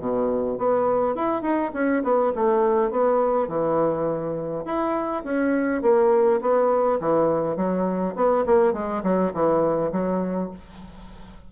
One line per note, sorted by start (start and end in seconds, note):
0.00 0.58 B2
0.59 1.16 B3
1.16 1.42 E4
1.42 1.71 D#4
1.74 2.03 C#4
2.03 2.32 B3
2.35 2.91 A3
2.91 3.48 B3
3.48 4.65 E3
4.66 5.24 E4
5.25 5.82 C#4
5.82 6.41 A#3
6.42 7.00 B3
7.01 7.57 E3
7.57 8.15 F#3
8.16 8.45 B3
8.46 8.74 A#3
8.74 9.03 G#3
9.03 9.33 F#3
9.34 9.92 E3
9.92 10.51 F#3